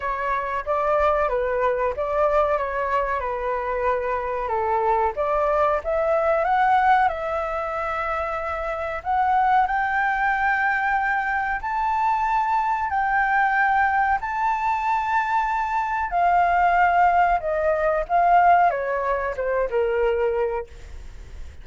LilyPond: \new Staff \with { instrumentName = "flute" } { \time 4/4 \tempo 4 = 93 cis''4 d''4 b'4 d''4 | cis''4 b'2 a'4 | d''4 e''4 fis''4 e''4~ | e''2 fis''4 g''4~ |
g''2 a''2 | g''2 a''2~ | a''4 f''2 dis''4 | f''4 cis''4 c''8 ais'4. | }